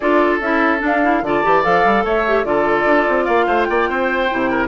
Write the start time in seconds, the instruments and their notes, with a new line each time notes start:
0.00 bassoon D4, clarinet F4, oboe A4, flute D5
0.40 bassoon C#4, clarinet E4, flute E5
0.79 clarinet D4, bassoon D4
0.85 flute F5
1.02 clarinet E4
1.22 bassoon D3, clarinet F4, oboe D5, flute A5
1.43 bassoon E3, clarinet G4
1.63 bassoon F3, clarinet A4, flute F5
1.84 bassoon G3
2.04 bassoon A3, oboe C#5, flute E5
2.27 clarinet G4
2.44 bassoon D3, clarinet F4, oboe A4, flute D5
2.85 bassoon D4
3.08 bassoon C4
3.25 bassoon A#3, oboe D5, flute F5
3.46 bassoon A3, oboe C5
3.64 bassoon A#3, oboe D5, flute G5
3.89 bassoon C4, oboe C5
4.30 bassoon C3, clarinet E4
4.50 oboe A#4